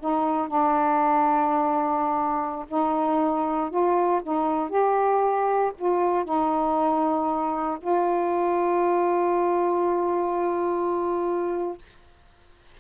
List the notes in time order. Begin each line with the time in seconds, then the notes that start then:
0.00 D#4
0.48 D4
2.69 D#4
3.71 F4
4.23 D#4
4.70 G4
5.79 F4
6.25 D#4
7.81 F4